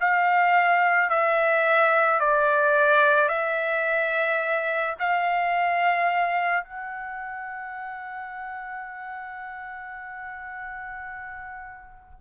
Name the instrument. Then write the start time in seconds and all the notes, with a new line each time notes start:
trumpet
0.00 F5
1.10 E5
2.20 D5
3.28 E5
4.99 F5
6.64 F#5